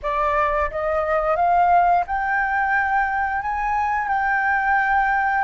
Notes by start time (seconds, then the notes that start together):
0.02 D5
0.70 D#5
1.36 F5
2.06 G5
3.42 G#5
4.08 G5